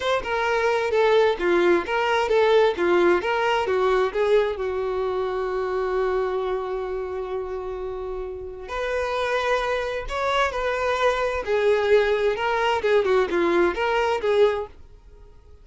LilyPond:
\new Staff \with { instrumentName = "violin" } { \time 4/4 \tempo 4 = 131 c''8 ais'4. a'4 f'4 | ais'4 a'4 f'4 ais'4 | fis'4 gis'4 fis'2~ | fis'1~ |
fis'2. b'4~ | b'2 cis''4 b'4~ | b'4 gis'2 ais'4 | gis'8 fis'8 f'4 ais'4 gis'4 | }